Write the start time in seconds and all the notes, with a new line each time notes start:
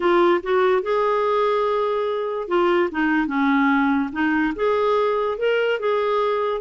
0.00 F4
0.43 F#4
0.82 G#4
2.48 F4
2.91 D#4
3.27 C#4
4.12 D#4
4.55 G#4
5.38 A#4
5.79 G#4